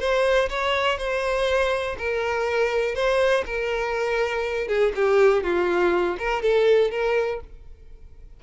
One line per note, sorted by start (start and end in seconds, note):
0.00 0.49 C5
0.50 0.98 C#5
0.98 1.96 C5
1.98 2.95 A#4
2.95 3.44 C5
3.46 4.68 A#4
4.68 4.92 G#4
4.95 5.44 G4
5.44 6.17 F4
6.19 6.42 A#4
6.42 6.91 A4
6.91 7.40 A#4